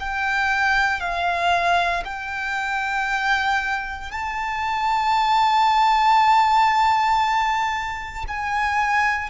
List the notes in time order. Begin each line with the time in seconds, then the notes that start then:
0.00 G5
1.00 F5
2.05 G5
4.11 A5
8.28 G#5